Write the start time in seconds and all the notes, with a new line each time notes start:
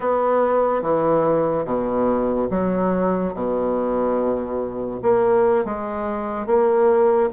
0.00 B3
0.81 E3
1.64 B2
2.50 F#3
3.33 B2
5.02 A#3
5.64 G#3
6.46 A#3